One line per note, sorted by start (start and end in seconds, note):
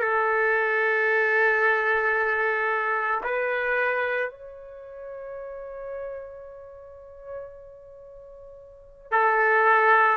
0.00 3.21 A4
3.24 4.31 B4
4.31 9.11 C#5
9.11 10.17 A4